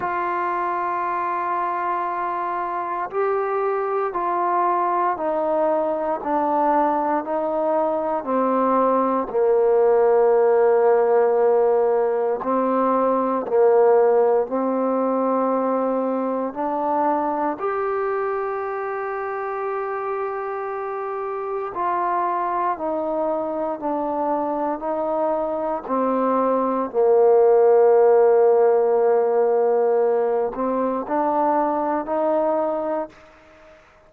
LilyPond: \new Staff \with { instrumentName = "trombone" } { \time 4/4 \tempo 4 = 58 f'2. g'4 | f'4 dis'4 d'4 dis'4 | c'4 ais2. | c'4 ais4 c'2 |
d'4 g'2.~ | g'4 f'4 dis'4 d'4 | dis'4 c'4 ais2~ | ais4. c'8 d'4 dis'4 | }